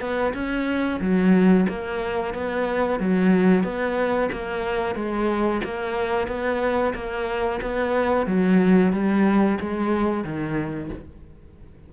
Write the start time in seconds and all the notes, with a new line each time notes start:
0.00 B3
0.34 C#4
1.01 F#3
1.68 A#3
2.33 B3
2.99 F#3
3.64 B3
4.32 A#3
4.95 G#3
5.64 A#3
6.28 B3
6.94 A#3
7.61 B3
8.26 F#3
8.92 G3
9.60 G#3
10.23 D#3